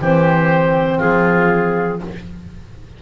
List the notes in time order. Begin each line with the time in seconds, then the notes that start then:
0.00 E3 C4 G4 C5
0.97 F3 F4 G#4